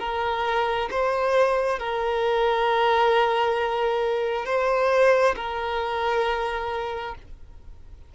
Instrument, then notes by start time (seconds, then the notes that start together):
violin
0.00 A#4
0.91 C5
1.80 A#4
4.46 C5
5.36 A#4